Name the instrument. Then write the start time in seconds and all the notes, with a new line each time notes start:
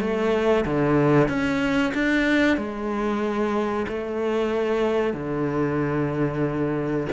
cello
0.00 A3
0.65 D3
1.28 C#4
1.94 D4
2.57 G#3
3.88 A3
5.14 D3